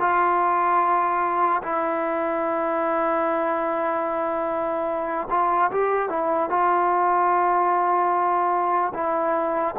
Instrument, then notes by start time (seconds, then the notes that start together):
trombone
0.00 F4
1.63 E4
5.30 F4
5.72 G4
6.10 E4
6.50 F4
8.94 E4